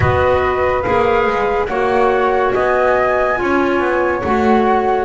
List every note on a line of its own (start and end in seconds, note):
0.00 0.84 B3
0.00 0.83 F#4
0.00 1.67 B4
0.00 0.82 D#5
0.82 1.26 A#3
0.82 1.68 G#4
0.82 1.66 F5
1.26 1.68 G#3
1.67 2.53 A#3
1.67 3.35 F#4
1.67 2.53 C#5
1.67 2.51 F#5
2.52 3.39 B3
2.52 3.38 D#5
2.52 4.21 G#5
3.35 3.80 C#4
3.35 4.20 F4
3.35 5.04 C#5
3.80 4.22 B3
4.23 5.04 A3
4.23 5.04 F#4
4.23 5.04 F#5